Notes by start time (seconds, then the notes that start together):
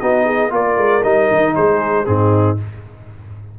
0.00 B3 D#4 F#4 D#5
0.25 G#4
0.50 A#3 F4 A#4 D5
0.77 G#3
1.03 G3 D#4 D#5
1.31 D#3
1.55 G#3 G#4 C5
2.05 G#2 C4 D#4 G#4